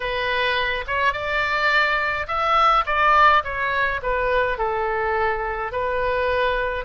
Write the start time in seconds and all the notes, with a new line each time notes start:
0.00 B4
0.87 C#5
1.12 D5
2.27 E5
2.86 D5
3.43 C#5
4.02 B4
4.57 A4
5.72 B4